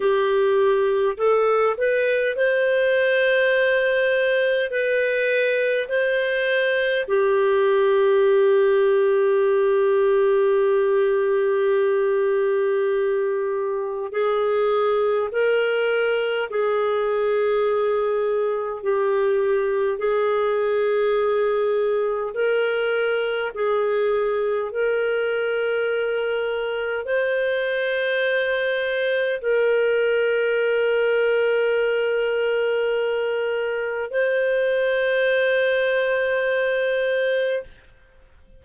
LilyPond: \new Staff \with { instrumentName = "clarinet" } { \time 4/4 \tempo 4 = 51 g'4 a'8 b'8 c''2 | b'4 c''4 g'2~ | g'1 | gis'4 ais'4 gis'2 |
g'4 gis'2 ais'4 | gis'4 ais'2 c''4~ | c''4 ais'2.~ | ais'4 c''2. | }